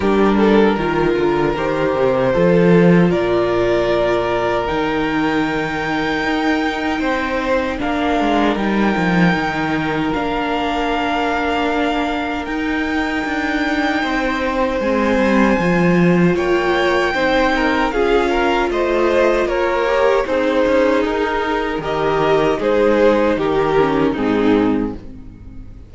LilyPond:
<<
  \new Staff \with { instrumentName = "violin" } { \time 4/4 \tempo 4 = 77 ais'2 c''2 | d''2 g''2~ | g''2 f''4 g''4~ | g''4 f''2. |
g''2. gis''4~ | gis''4 g''2 f''4 | dis''4 cis''4 c''4 ais'4 | dis''4 c''4 ais'4 gis'4 | }
  \new Staff \with { instrumentName = "violin" } { \time 4/4 g'8 a'8 ais'2 a'4 | ais'1~ | ais'4 c''4 ais'2~ | ais'1~ |
ais'2 c''2~ | c''4 cis''4 c''8 ais'8 gis'8 ais'8 | c''4 ais'4 dis'2 | ais'4 gis'4 g'4 dis'4 | }
  \new Staff \with { instrumentName = "viola" } { \time 4/4 d'4 f'4 g'4 f'4~ | f'2 dis'2~ | dis'2 d'4 dis'4~ | dis'4 d'2. |
dis'2. c'4 | f'2 dis'4 f'4~ | f'4. g'8 gis'2 | g'4 dis'4. cis'8 c'4 | }
  \new Staff \with { instrumentName = "cello" } { \time 4/4 g4 dis8 d8 dis8 c8 f4 | ais,2 dis2 | dis'4 c'4 ais8 gis8 g8 f8 | dis4 ais2. |
dis'4 d'4 c'4 gis8 g8 | f4 ais4 c'4 cis'4 | a4 ais4 c'8 cis'8 dis'4 | dis4 gis4 dis4 gis,4 | }
>>